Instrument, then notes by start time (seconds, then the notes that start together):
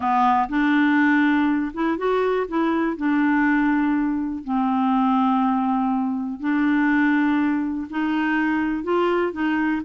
clarinet
0.00 B3
0.49 D4
1.73 E4
1.97 F#4
2.47 E4
2.96 D4
4.44 C4
6.40 D4
7.90 D#4
8.83 F4
9.32 D#4